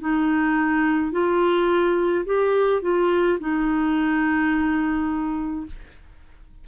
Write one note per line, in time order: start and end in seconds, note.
0.00 1.12 D#4
1.12 2.25 F4
2.25 2.82 G4
2.82 3.39 F4
3.40 5.66 D#4